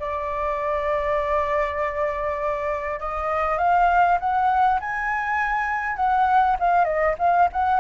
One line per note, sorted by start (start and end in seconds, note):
0.00 3.00 D5
3.00 3.58 D#5
3.58 4.18 F5
4.20 4.80 F#5
4.81 5.97 G#5
5.97 6.57 F#5
6.60 6.85 F5
6.85 7.15 D#5
7.19 7.49 F5
7.53 7.80 F#5